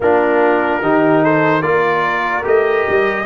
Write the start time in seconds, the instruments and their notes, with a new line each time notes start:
0.00 tuba A#3, trombone D4, horn F4, trumpet A#4
0.81 tuba D#3, trombone D#4, horn G4
1.23 horn A4, trumpet C5
1.60 tuba A#3, trombone F4, horn A#4, trumpet D5
2.43 tuba A3, trombone G4, trumpet D#5
2.89 tuba G3